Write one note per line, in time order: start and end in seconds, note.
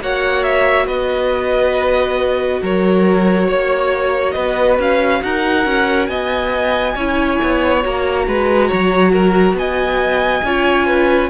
0.00 0.87 A#3
0.00 6.97 F#4
0.00 0.86 C#5
0.00 0.42 F#5
0.42 0.86 E5
0.86 2.61 B3
0.86 2.60 B4
0.86 2.61 D#5
2.62 3.48 F#3
2.62 3.47 A#4
2.62 4.31 C#5
3.47 4.35 A#3
3.47 4.34 C#5
4.31 4.78 B3
4.31 5.21 B4
4.31 4.74 D#5
4.78 5.22 C#4
4.78 5.22 F5
5.22 5.65 D#4
5.22 6.09 A#4
5.22 6.07 F#5
5.65 6.08 C#4
6.07 6.95 B3
6.07 6.95 D#5
6.07 7.80 G#5
6.95 7.39 C#4
6.95 7.82 E4
6.95 8.25 C#5
7.42 7.84 B3
7.82 8.27 A#3
7.82 10.43 F#4
7.82 9.57 A#5
8.27 8.70 G#3
8.27 8.68 B4
8.68 9.53 F#3
8.68 9.11 C#5
9.12 9.55 A#4
9.53 10.40 B3
9.53 10.45 D#5
9.53 11.30 G#5
10.43 11.30 C#4
10.43 11.30 F4
10.43 10.86 C#5
10.86 11.29 B4